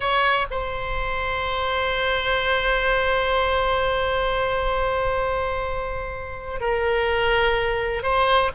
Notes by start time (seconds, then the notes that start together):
0.00 C#5
0.50 C5
6.60 A#4
8.02 C5